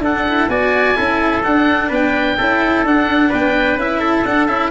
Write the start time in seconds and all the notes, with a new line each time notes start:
0.00 D4 A4 F#5
0.29 E4
0.48 B3 F#4 D5 G#5
0.95 C#4 E4 A4
1.44 D4 F#5
1.89 B3 B4 G5
2.38 C#4 E4 A4
2.85 D4 F#5
3.29 B3 B4 G5
3.76 C#4 E4 E5
4.00 A4
4.25 D4 F#5
4.47 C#4 E4 E5